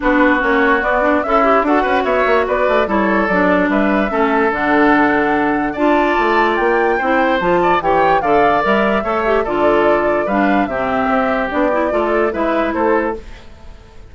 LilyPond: <<
  \new Staff \with { instrumentName = "flute" } { \time 4/4 \tempo 4 = 146 b'4 cis''4 d''4 e''4 | fis''4 e''4 d''4 cis''4 | d''4 e''2 fis''4~ | fis''2 a''2 |
g''2 a''4 g''4 | f''4 e''2 d''4~ | d''4 f''4 e''2 | d''2 e''4 c''4 | }
  \new Staff \with { instrumentName = "oboe" } { \time 4/4 fis'2. e'4 | a'8 b'8 cis''4 b'4 a'4~ | a'4 b'4 a'2~ | a'2 d''2~ |
d''4 c''4. d''8 cis''4 | d''2 cis''4 a'4~ | a'4 b'4 g'2~ | g'4 a'4 b'4 a'4 | }
  \new Staff \with { instrumentName = "clarinet" } { \time 4/4 d'4 cis'4 b8 d'8 a'8 g'8 | fis'2. e'4 | d'2 cis'4 d'4~ | d'2 f'2~ |
f'4 e'4 f'4 g'4 | a'4 ais'4 a'8 g'8 f'4~ | f'4 d'4 c'2 | d'8 e'8 f'4 e'2 | }
  \new Staff \with { instrumentName = "bassoon" } { \time 4/4 b4 ais4 b4 cis'4 | d'8 cis'8 b8 ais8 b8 a8 g4 | fis4 g4 a4 d4~ | d2 d'4 a4 |
ais4 c'4 f4 e4 | d4 g4 a4 d4~ | d4 g4 c4 c'4 | b4 a4 gis4 a4 | }
>>